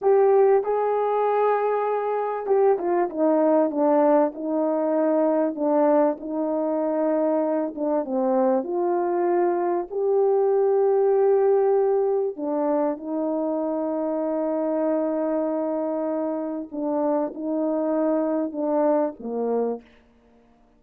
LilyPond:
\new Staff \with { instrumentName = "horn" } { \time 4/4 \tempo 4 = 97 g'4 gis'2. | g'8 f'8 dis'4 d'4 dis'4~ | dis'4 d'4 dis'2~ | dis'8 d'8 c'4 f'2 |
g'1 | d'4 dis'2.~ | dis'2. d'4 | dis'2 d'4 ais4 | }